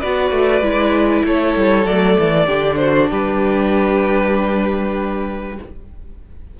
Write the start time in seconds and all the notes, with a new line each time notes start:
0.00 B3 F#4 B4 D5
0.31 A3
0.61 G#3 E4
1.24 A3 A4 C#5
1.55 G3
1.86 F#3 A3 D5
2.18 E3
2.46 D3 D4 G4
2.76 F#4 C5
3.10 G3 G4 B4